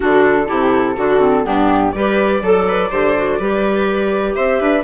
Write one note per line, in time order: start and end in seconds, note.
0.00 0.50 D3
0.00 0.46 D4
0.00 0.47 F#4
0.00 1.45 A4
0.46 0.97 C3
0.46 0.95 E4
0.46 0.95 G4
0.97 1.45 D3
0.97 1.19 D4
0.97 1.45 F#4
1.19 1.43 C4
1.43 1.93 G2
1.43 1.92 B3
1.43 1.94 D4
1.43 1.92 G4
1.92 2.42 G3
1.92 2.42 G4
1.92 2.43 B4
1.92 4.34 D5
2.42 2.90 F#3
2.42 2.67 A4
2.42 2.91 A4
2.68 2.90 B4
2.90 3.39 D3
2.90 3.15 G4
2.90 3.39 C5
3.16 3.40 F#4
3.39 4.35 G3
3.39 4.83 G4
3.39 4.36 B4
4.34 4.60 C4
4.34 4.60 C5
4.34 4.83 E5
4.60 4.83 D4
4.60 4.83 B4